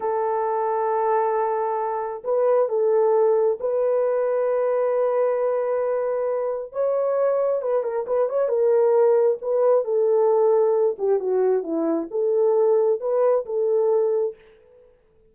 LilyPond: \new Staff \with { instrumentName = "horn" } { \time 4/4 \tempo 4 = 134 a'1~ | a'4 b'4 a'2 | b'1~ | b'2. cis''4~ |
cis''4 b'8 ais'8 b'8 cis''8 ais'4~ | ais'4 b'4 a'2~ | a'8 g'8 fis'4 e'4 a'4~ | a'4 b'4 a'2 | }